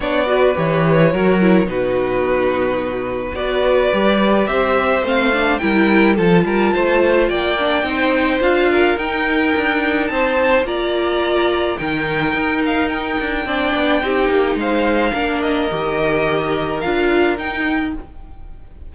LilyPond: <<
  \new Staff \with { instrumentName = "violin" } { \time 4/4 \tempo 4 = 107 d''4 cis''2 b'4~ | b'2 d''2 | e''4 f''4 g''4 a''4~ | a''4 g''2 f''4 |
g''2 a''4 ais''4~ | ais''4 g''4. f''8 g''4~ | g''2 f''4. dis''8~ | dis''2 f''4 g''4 | }
  \new Staff \with { instrumentName = "violin" } { \time 4/4 cis''8 b'4. ais'4 fis'4~ | fis'2 b'2 | c''2 ais'4 a'8 ais'8 | c''4 d''4 c''4. ais'8~ |
ais'2 c''4 d''4~ | d''4 ais'2. | d''4 g'4 c''4 ais'4~ | ais'1 | }
  \new Staff \with { instrumentName = "viola" } { \time 4/4 d'8 fis'8 g'4 fis'8 e'8 dis'4~ | dis'2 fis'4 g'4~ | g'4 c'8 d'8 e'4 f'4~ | f'4. d'8 dis'4 f'4 |
dis'2. f'4~ | f'4 dis'2. | d'4 dis'2 d'4 | g'2 f'4 dis'4 | }
  \new Staff \with { instrumentName = "cello" } { \time 4/4 b4 e4 fis4 b,4~ | b,2 b4 g4 | c'4 a4 g4 f8 g8 | a4 ais4 c'4 d'4 |
dis'4 d'4 c'4 ais4~ | ais4 dis4 dis'4. d'8 | c'8 b8 c'8 ais8 gis4 ais4 | dis2 d'4 dis'4 | }
>>